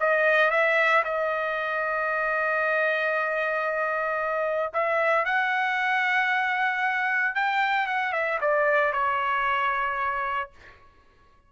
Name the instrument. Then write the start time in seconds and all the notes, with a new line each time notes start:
trumpet
0.00 D#5
0.51 E5
1.04 D#5
4.74 E5
5.25 F#5
7.35 G5
7.87 F#5
8.13 E5
8.41 D5
8.93 C#5